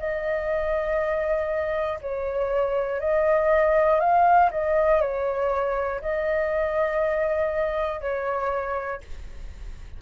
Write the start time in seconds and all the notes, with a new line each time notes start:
0.00 D#5
2.02 C#5
3.01 D#5
4.01 F5
4.52 D#5
5.01 C#5
6.02 D#5
8.01 C#5